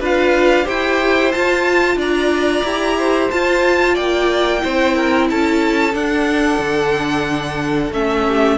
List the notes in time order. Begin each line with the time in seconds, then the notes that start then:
0.00 D4 F4 B4 F5
0.64 E4 G4 C5 G5
1.32 F4 A5
1.96 D4 D5 A#5
2.64 E4 G4
2.98 C5
3.30 F4 A5
3.94 A#3 D5 G5
4.60 C4 E4 C5
4.95 A#4
5.30 C#4 A4 A5
5.94 D4 F#5
6.59 D3
7.91 A3 C#4 E5
8.27 G4